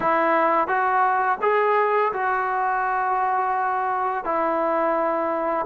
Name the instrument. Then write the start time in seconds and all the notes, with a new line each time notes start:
trombone
0.00 E4
0.67 F#4
1.41 G#4
2.12 F#4
4.24 E4